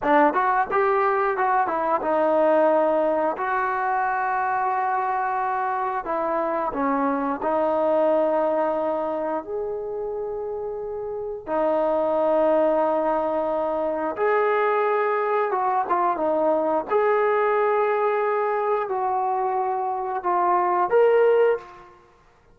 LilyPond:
\new Staff \with { instrumentName = "trombone" } { \time 4/4 \tempo 4 = 89 d'8 fis'8 g'4 fis'8 e'8 dis'4~ | dis'4 fis'2.~ | fis'4 e'4 cis'4 dis'4~ | dis'2 gis'2~ |
gis'4 dis'2.~ | dis'4 gis'2 fis'8 f'8 | dis'4 gis'2. | fis'2 f'4 ais'4 | }